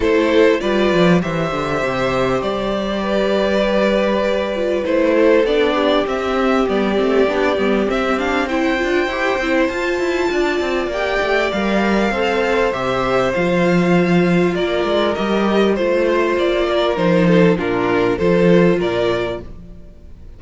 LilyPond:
<<
  \new Staff \with { instrumentName = "violin" } { \time 4/4 \tempo 4 = 99 c''4 d''4 e''2 | d''1 | c''4 d''4 e''4 d''4~ | d''4 e''8 f''8 g''2 |
a''2 g''4 f''4~ | f''4 e''4 f''2 | d''4 dis''4 c''4 d''4 | c''4 ais'4 c''4 d''4 | }
  \new Staff \with { instrumentName = "violin" } { \time 4/4 a'4 b'4 c''2~ | c''4 b'2.~ | b'8 a'4 g'2~ g'8~ | g'2 c''2~ |
c''4 d''2. | c''1 | ais'2 c''4. ais'8~ | ais'8 a'8 f'4 a'4 ais'4 | }
  \new Staff \with { instrumentName = "viola" } { \time 4/4 e'4 f'4 g'2~ | g'2.~ g'8 f'8 | e'4 d'4 c'4 b8 c'8 | d'8 b8 c'8 d'8 e'8 f'8 g'8 e'8 |
f'2 g'4 ais'4 | a'4 g'4 f'2~ | f'4 g'4 f'2 | dis'4 d'4 f'2 | }
  \new Staff \with { instrumentName = "cello" } { \time 4/4 a4 g8 f8 e8 d8 c4 | g1 | a4 b4 c'4 g8 a8 | b8 g8 c'4. d'8 e'8 c'8 |
f'8 e'8 d'8 c'8 ais8 a8 g4 | c'4 c4 f2 | ais8 gis8 g4 a4 ais4 | f4 ais,4 f4 ais,4 | }
>>